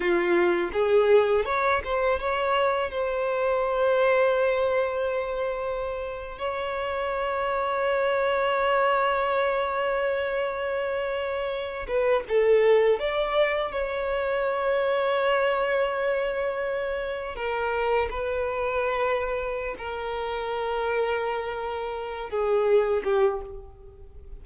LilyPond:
\new Staff \with { instrumentName = "violin" } { \time 4/4 \tempo 4 = 82 f'4 gis'4 cis''8 c''8 cis''4 | c''1~ | c''8. cis''2.~ cis''16~ | cis''1~ |
cis''16 b'8 a'4 d''4 cis''4~ cis''16~ | cis''2.~ cis''8. ais'16~ | ais'8. b'2~ b'16 ais'4~ | ais'2~ ais'8 gis'4 g'8 | }